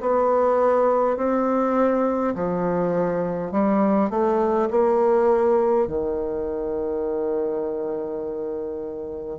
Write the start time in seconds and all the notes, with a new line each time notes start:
0.00 B3
1.17 C4
2.35 F3
3.51 G3
4.10 A3
4.71 A#3
5.87 D#3